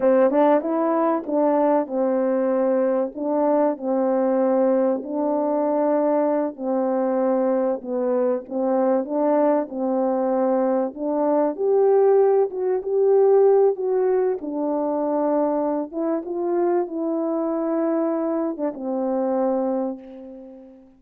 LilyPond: \new Staff \with { instrumentName = "horn" } { \time 4/4 \tempo 4 = 96 c'8 d'8 e'4 d'4 c'4~ | c'4 d'4 c'2 | d'2~ d'8 c'4.~ | c'8 b4 c'4 d'4 c'8~ |
c'4. d'4 g'4. | fis'8 g'4. fis'4 d'4~ | d'4. e'8 f'4 e'4~ | e'4.~ e'16 d'16 c'2 | }